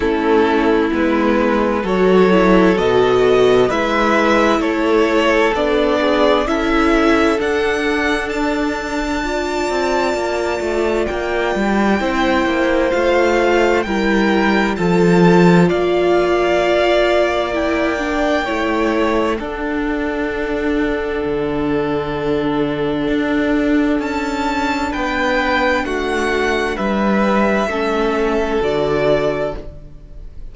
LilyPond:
<<
  \new Staff \with { instrumentName = "violin" } { \time 4/4 \tempo 4 = 65 a'4 b'4 cis''4 dis''4 | e''4 cis''4 d''4 e''4 | fis''4 a''2. | g''2 f''4 g''4 |
a''4 f''2 g''4~ | g''4 fis''2.~ | fis''2 a''4 g''4 | fis''4 e''2 d''4 | }
  \new Staff \with { instrumentName = "violin" } { \time 4/4 e'2 a'2 | b'4 a'4. gis'8 a'4~ | a'2 d''2~ | d''4 c''2 ais'4 |
a'4 d''2. | cis''4 a'2.~ | a'2. b'4 | fis'4 b'4 a'2 | }
  \new Staff \with { instrumentName = "viola" } { \time 4/4 cis'4 b4 fis'8 e'8 fis'4 | e'2 d'4 e'4 | d'2 f'2~ | f'4 e'4 f'4 e'4 |
f'2. e'8 d'8 | e'4 d'2.~ | d'1~ | d'2 cis'4 fis'4 | }
  \new Staff \with { instrumentName = "cello" } { \time 4/4 a4 gis4 fis4 b,4 | gis4 a4 b4 cis'4 | d'2~ d'8 c'8 ais8 a8 | ais8 g8 c'8 ais8 a4 g4 |
f4 ais2. | a4 d'2 d4~ | d4 d'4 cis'4 b4 | a4 g4 a4 d4 | }
>>